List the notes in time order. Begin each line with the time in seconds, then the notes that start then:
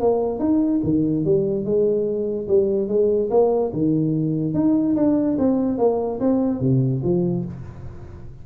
0.00 A#3
0.39 D#4
0.83 D#3
1.25 G3
1.65 G#3
2.48 G3
2.88 G#3
3.30 A#3
3.73 D#3
4.54 D#4
4.96 D4
5.38 C4
5.78 A#3
6.20 C4
6.60 C3
7.03 F3